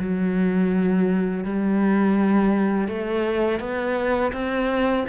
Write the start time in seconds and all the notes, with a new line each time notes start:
0.00 F#3
1.45 G3
2.88 A3
3.60 B3
4.33 C4